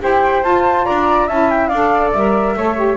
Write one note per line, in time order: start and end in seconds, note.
0.00 0.44 E4
0.00 0.43 G4
0.00 0.85 C5
0.00 0.43 G5
0.43 1.28 F4
0.43 0.86 F4
0.43 0.85 A5
0.85 1.29 D4
0.85 1.27 D5
0.85 1.28 A#5
1.27 1.70 C#4
1.27 1.73 E4
1.27 1.69 E5
1.27 1.50 A5
1.50 1.67 G5
1.67 2.13 D4
1.67 2.54 D5
1.67 2.10 F5
1.74 2.16 A4
2.12 2.56 G3
2.12 2.58 A#4
2.12 2.97 E5
2.56 2.97 A3
2.56 2.76 A4
2.56 2.97 C#5
2.76 2.97 G4